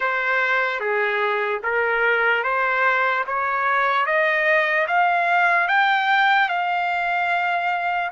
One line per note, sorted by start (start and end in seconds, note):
0.00 0.80 C5
0.80 1.61 G#4
1.63 2.43 A#4
2.43 3.24 C5
3.27 4.05 C#5
4.05 4.86 D#5
4.87 5.68 F5
5.68 6.48 G5
6.48 8.10 F5